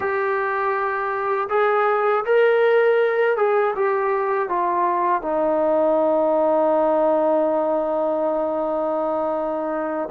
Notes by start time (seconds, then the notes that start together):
0.00 G4
1.49 G#4
2.25 A#4
3.36 G#4
3.75 G4
4.49 F4
5.21 D#4